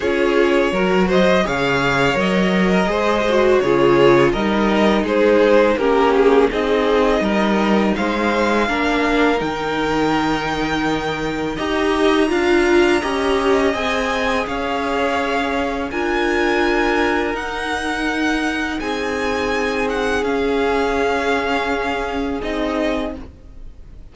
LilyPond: <<
  \new Staff \with { instrumentName = "violin" } { \time 4/4 \tempo 4 = 83 cis''4. dis''8 f''4 dis''4~ | dis''4 cis''4 dis''4 c''4 | ais'8 gis'8 dis''2 f''4~ | f''4 g''2. |
ais''2. gis''4 | f''2 gis''2 | fis''2 gis''4. fis''8 | f''2. dis''4 | }
  \new Staff \with { instrumentName = "violin" } { \time 4/4 gis'4 ais'8 c''8 cis''4.~ cis''16 ais'16 | c''4 gis'4 ais'4 gis'4 | g'4 gis'4 ais'4 c''4 | ais'1 |
dis''4 f''4 dis''2 | cis''2 ais'2~ | ais'2 gis'2~ | gis'1 | }
  \new Staff \with { instrumentName = "viola" } { \time 4/4 f'4 fis'4 gis'4 ais'4 | gis'8 fis'8 f'4 dis'2 | cis'4 dis'2. | d'4 dis'2. |
g'4 f'4 g'4 gis'4~ | gis'2 f'2 | dis'1 | cis'2. dis'4 | }
  \new Staff \with { instrumentName = "cello" } { \time 4/4 cis'4 fis4 cis4 fis4 | gis4 cis4 g4 gis4 | ais4 c'4 g4 gis4 | ais4 dis2. |
dis'4 d'4 cis'4 c'4 | cis'2 d'2 | dis'2 c'2 | cis'2. c'4 | }
>>